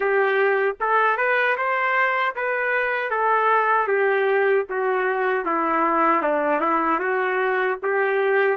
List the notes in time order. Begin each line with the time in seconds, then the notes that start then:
0.00 G4
0.80 A4
1.17 B4
1.57 C5
2.35 B4
3.10 A4
3.87 G4
4.69 F#4
5.45 E4
6.22 D4
6.61 E4
7.00 F#4
7.82 G4